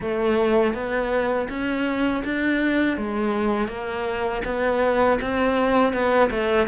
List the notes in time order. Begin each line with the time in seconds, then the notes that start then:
0.00 A3
0.74 B3
1.48 C#4
2.24 D4
2.97 G#3
3.67 A#3
4.44 B3
5.21 C4
5.93 B3
6.30 A3